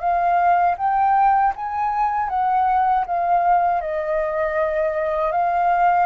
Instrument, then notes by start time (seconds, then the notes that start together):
flute
0.00 F5
0.78 G5
1.56 G#5
2.29 F#5
3.07 F5
3.81 D#5
5.32 F5